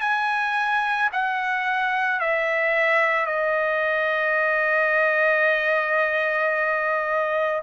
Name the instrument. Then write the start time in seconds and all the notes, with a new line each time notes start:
trumpet
0.00 G#5
1.12 F#5
2.20 E5
3.26 D#5